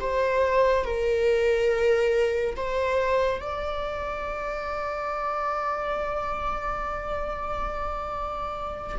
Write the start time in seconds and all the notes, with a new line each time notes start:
0.00 C5
0.84 A#4
2.56 C5
3.41 D5